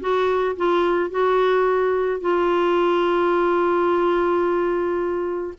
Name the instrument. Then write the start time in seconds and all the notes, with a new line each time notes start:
clarinet
0.00 F#4
0.56 F4
1.10 F#4
2.20 F4